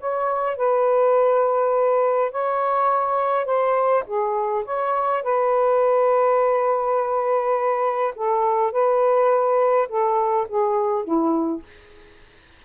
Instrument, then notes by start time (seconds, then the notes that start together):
saxophone
0.00 C#5
0.57 B4
2.32 C#5
3.46 C5
4.07 G#4
4.65 C#5
5.23 B4
8.16 A4
8.72 B4
9.89 A4
10.48 G#4
11.04 E4